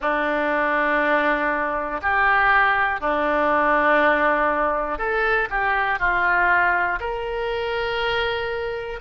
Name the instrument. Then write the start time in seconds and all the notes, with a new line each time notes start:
oboe
0.00 D4
2.02 G4
3.00 D4
4.98 A4
5.50 G4
5.99 F4
7.00 A#4